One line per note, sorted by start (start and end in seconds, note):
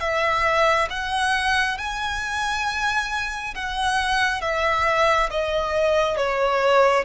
0.00 0.88 E5
0.90 1.78 F#5
1.78 3.55 G#5
3.55 4.42 F#5
4.42 5.30 E5
5.31 6.17 D#5
6.17 7.05 C#5